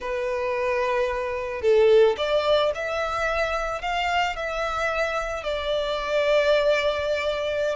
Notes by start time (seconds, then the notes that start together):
0.00 B4
1.61 A4
2.17 D5
2.74 E5
3.81 F5
4.36 E5
5.43 D5